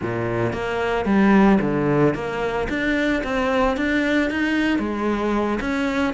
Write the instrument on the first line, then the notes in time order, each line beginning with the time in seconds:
cello
0.02 A#2
0.52 A#3
1.05 G3
1.61 D3
2.14 A#3
2.69 D4
3.23 C4
3.76 D4
4.30 D#4
4.78 G#3
5.60 C#4